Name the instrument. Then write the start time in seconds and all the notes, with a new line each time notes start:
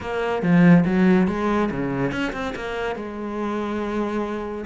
cello
0.00 A#3
0.42 F3
0.85 F#3
1.27 G#3
1.71 C#3
2.11 C#4
2.33 C4
2.55 A#3
2.95 G#3